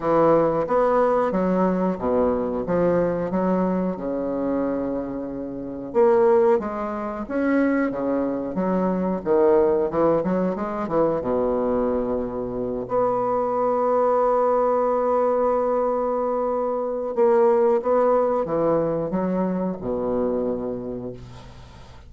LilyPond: \new Staff \with { instrumentName = "bassoon" } { \time 4/4 \tempo 4 = 91 e4 b4 fis4 b,4 | f4 fis4 cis2~ | cis4 ais4 gis4 cis'4 | cis4 fis4 dis4 e8 fis8 |
gis8 e8 b,2~ b,8 b8~ | b1~ | b2 ais4 b4 | e4 fis4 b,2 | }